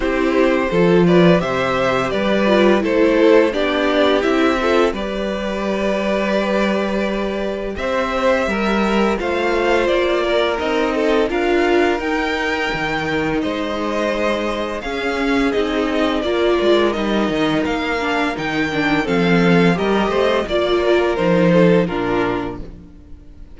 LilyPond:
<<
  \new Staff \with { instrumentName = "violin" } { \time 4/4 \tempo 4 = 85 c''4. d''8 e''4 d''4 | c''4 d''4 e''4 d''4~ | d''2. e''4~ | e''4 f''4 d''4 dis''4 |
f''4 g''2 dis''4~ | dis''4 f''4 dis''4 d''4 | dis''4 f''4 g''4 f''4 | dis''4 d''4 c''4 ais'4 | }
  \new Staff \with { instrumentName = "violin" } { \time 4/4 g'4 a'8 b'8 c''4 b'4 | a'4 g'4. a'8 b'4~ | b'2. c''4 | ais'4 c''4. ais'4 a'8 |
ais'2. c''4~ | c''4 gis'2 ais'4~ | ais'2. a'4 | ais'8 c''8 d''8 ais'4 a'8 f'4 | }
  \new Staff \with { instrumentName = "viola" } { \time 4/4 e'4 f'4 g'4. f'8 | e'4 d'4 e'8 f'8 g'4~ | g'1~ | g'4 f'2 dis'4 |
f'4 dis'2.~ | dis'4 cis'4 dis'4 f'4 | dis'4. d'8 dis'8 d'8 c'4 | g'4 f'4 dis'4 d'4 | }
  \new Staff \with { instrumentName = "cello" } { \time 4/4 c'4 f4 c4 g4 | a4 b4 c'4 g4~ | g2. c'4 | g4 a4 ais4 c'4 |
d'4 dis'4 dis4 gis4~ | gis4 cis'4 c'4 ais8 gis8 | g8 dis8 ais4 dis4 f4 | g8 a8 ais4 f4 ais,4 | }
>>